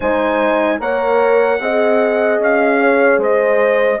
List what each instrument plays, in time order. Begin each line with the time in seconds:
0.00 bassoon G#3, horn D#4 C5, trumpet G#5
0.79 bassoon A#3, horn A#4 C#5, trumpet F#5
1.59 bassoon C4, horn G#4 D#5
2.39 bassoon C#4, trumpet F5
2.80 horn C#5
3.18 bassoon G#3, horn C5, trumpet D#5